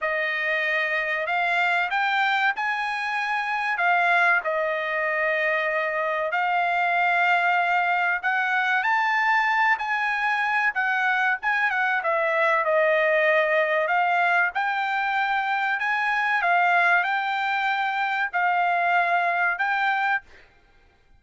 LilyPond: \new Staff \with { instrumentName = "trumpet" } { \time 4/4 \tempo 4 = 95 dis''2 f''4 g''4 | gis''2 f''4 dis''4~ | dis''2 f''2~ | f''4 fis''4 a''4. gis''8~ |
gis''4 fis''4 gis''8 fis''8 e''4 | dis''2 f''4 g''4~ | g''4 gis''4 f''4 g''4~ | g''4 f''2 g''4 | }